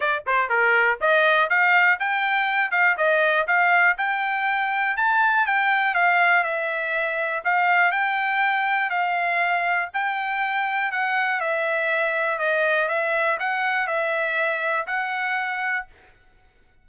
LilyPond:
\new Staff \with { instrumentName = "trumpet" } { \time 4/4 \tempo 4 = 121 d''8 c''8 ais'4 dis''4 f''4 | g''4. f''8 dis''4 f''4 | g''2 a''4 g''4 | f''4 e''2 f''4 |
g''2 f''2 | g''2 fis''4 e''4~ | e''4 dis''4 e''4 fis''4 | e''2 fis''2 | }